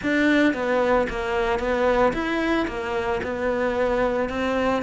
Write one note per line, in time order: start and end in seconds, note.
0.03 0.53 D4
0.53 1.07 B3
1.09 1.59 A#3
1.59 2.13 B3
2.13 2.66 E4
2.67 3.21 A#3
3.23 4.29 B3
4.29 4.82 C4